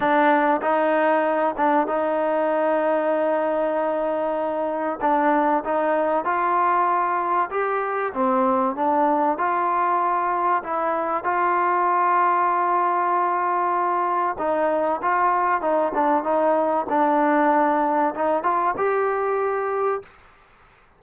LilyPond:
\new Staff \with { instrumentName = "trombone" } { \time 4/4 \tempo 4 = 96 d'4 dis'4. d'8 dis'4~ | dis'1 | d'4 dis'4 f'2 | g'4 c'4 d'4 f'4~ |
f'4 e'4 f'2~ | f'2. dis'4 | f'4 dis'8 d'8 dis'4 d'4~ | d'4 dis'8 f'8 g'2 | }